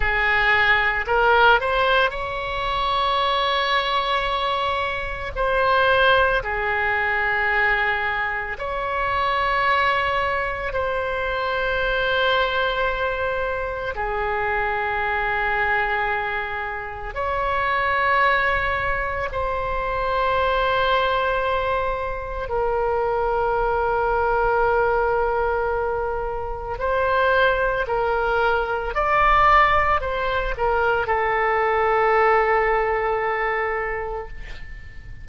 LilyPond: \new Staff \with { instrumentName = "oboe" } { \time 4/4 \tempo 4 = 56 gis'4 ais'8 c''8 cis''2~ | cis''4 c''4 gis'2 | cis''2 c''2~ | c''4 gis'2. |
cis''2 c''2~ | c''4 ais'2.~ | ais'4 c''4 ais'4 d''4 | c''8 ais'8 a'2. | }